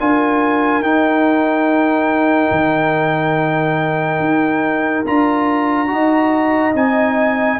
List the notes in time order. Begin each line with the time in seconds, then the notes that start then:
0.00 D4 F4 A#4 G#5
0.80 D#4 G5
2.51 D#3
4.20 D#4
5.06 D4 F4 A#5
5.87 D#4 F#4 D#5
6.75 C4 D#4 G#5